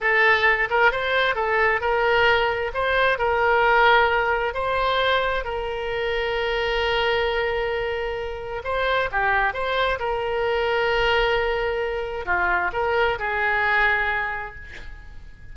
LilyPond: \new Staff \with { instrumentName = "oboe" } { \time 4/4 \tempo 4 = 132 a'4. ais'8 c''4 a'4 | ais'2 c''4 ais'4~ | ais'2 c''2 | ais'1~ |
ais'2. c''4 | g'4 c''4 ais'2~ | ais'2. f'4 | ais'4 gis'2. | }